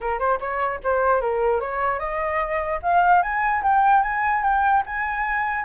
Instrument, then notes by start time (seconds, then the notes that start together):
flute
0.00 A#4
0.19 C5
0.40 C#5
0.83 C5
1.20 A#4
1.60 C#5
1.99 D#5
2.82 F5
3.22 G#5
3.62 G5
4.03 G#5
4.43 G5
4.86 G#5